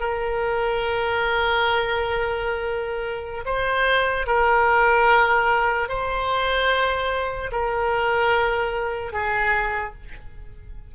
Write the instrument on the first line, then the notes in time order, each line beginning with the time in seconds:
oboe
0.00 A#4
3.45 C5
4.26 A#4
5.89 C5
7.52 A#4
9.13 G#4